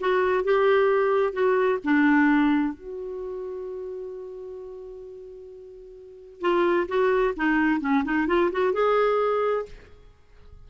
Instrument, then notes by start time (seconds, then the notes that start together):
clarinet
0.00 F#4
0.44 G4
1.33 F#4
1.84 D4
2.74 F#4
6.41 F4
6.88 F#4
7.37 D#4
7.80 C#4
8.04 D#4
8.27 F4
8.51 F#4
8.73 G#4